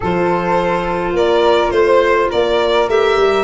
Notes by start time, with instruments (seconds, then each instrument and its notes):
0.00 tuba F3, clarinet F4, flute A4, violin C5
1.12 tuba A#3, flute A#4, violin D5
1.70 tuba A3, violin C5, flute C5
2.30 tuba A#3, flute A#4, violin D5
2.88 tuba A3, clarinet G4, violin E5
3.16 tuba G3